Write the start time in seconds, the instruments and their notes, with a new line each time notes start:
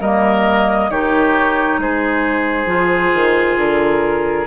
0.00 bassoon G3, clarinet A#3, oboe A#4, flute D#5
0.90 bassoon D#3, clarinet D#4, oboe G4, flute C#5
1.78 bassoon G#3, oboe G#4, flute C5
2.66 bassoon F3, clarinet F4
3.14 bassoon D#3
3.57 bassoon D3, flute A#4